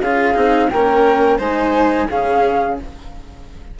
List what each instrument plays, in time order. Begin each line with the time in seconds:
0.00 bassoon C#4, cello F4, violin G#4, flute F5
0.34 bassoon C4, cello D#4
0.69 bassoon A#3, cello C#4, violin A#4, flute G5
1.38 bassoon G#3, cello D#4, violin C5, flute G#5
2.10 bassoon C#3, cello C#4, violin G#4, flute F5